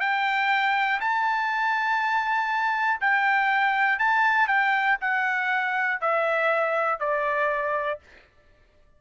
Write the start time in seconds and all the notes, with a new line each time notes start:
0.00 G5
1.00 A5
3.01 G5
3.99 A5
4.48 G5
5.00 F#5
6.00 E5
6.99 D5